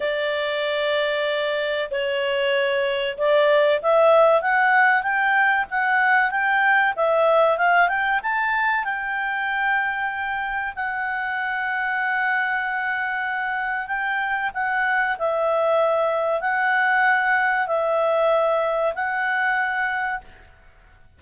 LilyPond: \new Staff \with { instrumentName = "clarinet" } { \time 4/4 \tempo 4 = 95 d''2. cis''4~ | cis''4 d''4 e''4 fis''4 | g''4 fis''4 g''4 e''4 | f''8 g''8 a''4 g''2~ |
g''4 fis''2.~ | fis''2 g''4 fis''4 | e''2 fis''2 | e''2 fis''2 | }